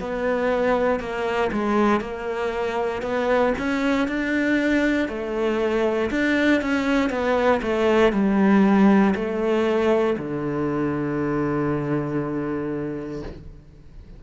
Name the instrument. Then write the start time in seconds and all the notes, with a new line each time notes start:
cello
0.00 B3
1.00 A#3
1.53 G#3
2.01 A#3
3.03 B3
3.58 C#4
4.08 D4
5.09 A3
6.11 D4
6.62 C#4
7.10 B3
7.63 A3
8.13 G3
9.15 A3
10.18 D3